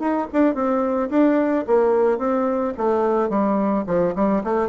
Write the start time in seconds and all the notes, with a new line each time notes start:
0.00 D#4
0.33 D4
0.55 C4
1.10 D4
1.67 A#3
2.19 C4
2.78 A3
3.30 G3
3.87 F3
4.16 G3
4.44 A3